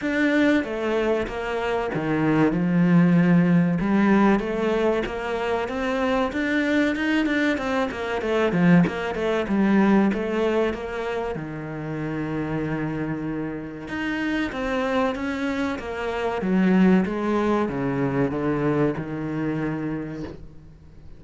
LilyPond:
\new Staff \with { instrumentName = "cello" } { \time 4/4 \tempo 4 = 95 d'4 a4 ais4 dis4 | f2 g4 a4 | ais4 c'4 d'4 dis'8 d'8 | c'8 ais8 a8 f8 ais8 a8 g4 |
a4 ais4 dis2~ | dis2 dis'4 c'4 | cis'4 ais4 fis4 gis4 | cis4 d4 dis2 | }